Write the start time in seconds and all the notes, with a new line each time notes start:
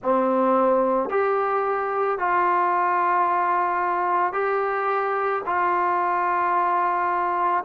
0.02 C4
1.09 G4
2.18 F4
4.32 G4
5.45 F4